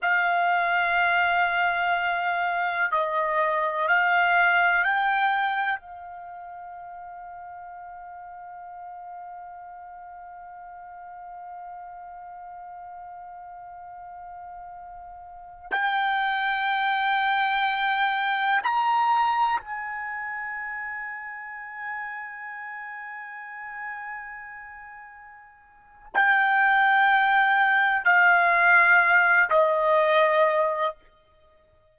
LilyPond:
\new Staff \with { instrumentName = "trumpet" } { \time 4/4 \tempo 4 = 62 f''2. dis''4 | f''4 g''4 f''2~ | f''1~ | f''1~ |
f''16 g''2. ais''8.~ | ais''16 gis''2.~ gis''8.~ | gis''2. g''4~ | g''4 f''4. dis''4. | }